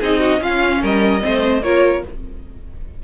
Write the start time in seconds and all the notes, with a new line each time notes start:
0.00 C4 D#4 G#4 D#5
0.20 F#4
0.39 C#4 F4 F5
0.81 G3 A#4 D#5
1.20 A3 C4 C5
1.63 A#3 F4 A#4 C#5